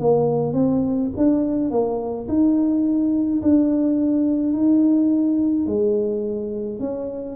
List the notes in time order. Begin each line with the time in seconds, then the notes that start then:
0.00 A#3
0.54 C4
1.17 D4
1.71 A#3
2.28 D#4
3.43 D4
4.53 D#4
5.67 G#3
6.80 C#4